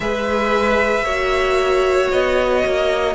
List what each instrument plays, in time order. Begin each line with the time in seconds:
0.00 cello G#3, viola G#4, violin B4 E5
1.02 cello A#3, viola F#4, violin C#5
2.11 cello B3, violin D#5
2.65 cello A#3